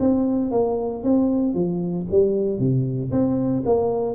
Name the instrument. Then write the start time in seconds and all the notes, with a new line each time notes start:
tuba
0.00 C4
0.51 A#3
1.04 C4
1.54 F3
2.11 G3
2.59 C3
3.11 C4
3.65 A#3